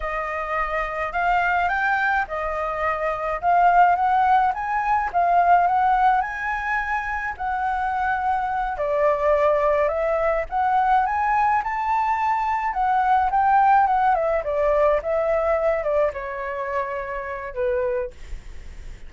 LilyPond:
\new Staff \with { instrumentName = "flute" } { \time 4/4 \tempo 4 = 106 dis''2 f''4 g''4 | dis''2 f''4 fis''4 | gis''4 f''4 fis''4 gis''4~ | gis''4 fis''2~ fis''8 d''8~ |
d''4. e''4 fis''4 gis''8~ | gis''8 a''2 fis''4 g''8~ | g''8 fis''8 e''8 d''4 e''4. | d''8 cis''2~ cis''8 b'4 | }